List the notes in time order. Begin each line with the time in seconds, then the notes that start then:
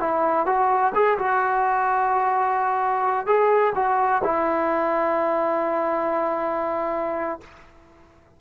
0.00 E4
0.46 F#4
0.95 G#4
1.18 F#4
3.26 G#4
3.75 F#4
4.24 E4